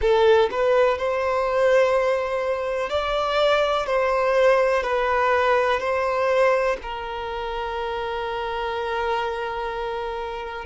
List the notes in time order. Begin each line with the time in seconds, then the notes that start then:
0.01 A4
0.51 B4
0.98 C5
2.89 D5
3.86 C5
4.83 B4
5.80 C5
6.82 A#4